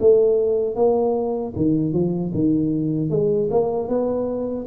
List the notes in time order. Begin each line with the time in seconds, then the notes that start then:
0.00 A3
0.75 A#3
1.55 D#3
1.93 F3
2.34 D#3
3.10 G#3
3.50 A#3
3.88 B3